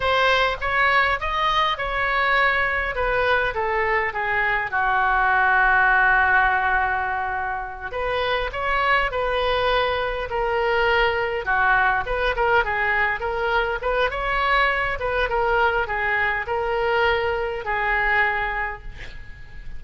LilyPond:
\new Staff \with { instrumentName = "oboe" } { \time 4/4 \tempo 4 = 102 c''4 cis''4 dis''4 cis''4~ | cis''4 b'4 a'4 gis'4 | fis'1~ | fis'4. b'4 cis''4 b'8~ |
b'4. ais'2 fis'8~ | fis'8 b'8 ais'8 gis'4 ais'4 b'8 | cis''4. b'8 ais'4 gis'4 | ais'2 gis'2 | }